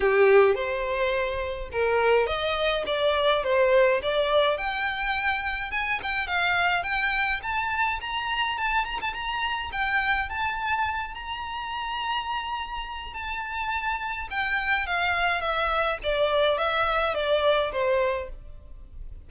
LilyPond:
\new Staff \with { instrumentName = "violin" } { \time 4/4 \tempo 4 = 105 g'4 c''2 ais'4 | dis''4 d''4 c''4 d''4 | g''2 gis''8 g''8 f''4 | g''4 a''4 ais''4 a''8 ais''16 a''16 |
ais''4 g''4 a''4. ais''8~ | ais''2. a''4~ | a''4 g''4 f''4 e''4 | d''4 e''4 d''4 c''4 | }